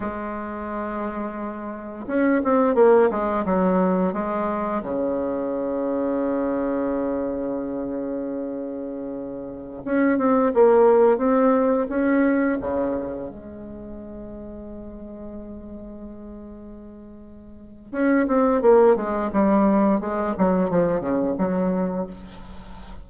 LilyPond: \new Staff \with { instrumentName = "bassoon" } { \time 4/4 \tempo 4 = 87 gis2. cis'8 c'8 | ais8 gis8 fis4 gis4 cis4~ | cis1~ | cis2~ cis16 cis'8 c'8 ais8.~ |
ais16 c'4 cis'4 cis4 gis8.~ | gis1~ | gis2 cis'8 c'8 ais8 gis8 | g4 gis8 fis8 f8 cis8 fis4 | }